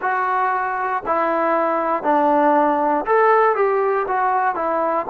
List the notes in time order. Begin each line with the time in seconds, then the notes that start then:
0.01 F#4
1.06 E4
2.03 D4
3.05 A4
3.55 G4
4.07 F#4
4.55 E4